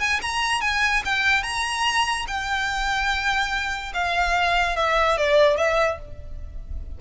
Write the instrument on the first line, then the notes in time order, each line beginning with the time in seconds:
violin
0.00 G#5
0.22 A#5
0.62 G#5
1.05 G5
1.44 A#5
2.28 G5
3.94 F5
4.77 E5
5.18 D5
5.57 E5